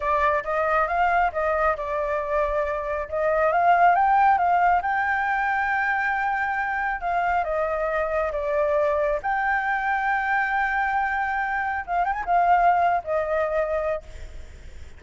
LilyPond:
\new Staff \with { instrumentName = "flute" } { \time 4/4 \tempo 4 = 137 d''4 dis''4 f''4 dis''4 | d''2. dis''4 | f''4 g''4 f''4 g''4~ | g''1 |
f''4 dis''2 d''4~ | d''4 g''2.~ | g''2. f''8 g''16 gis''16 | f''4.~ f''16 dis''2~ dis''16 | }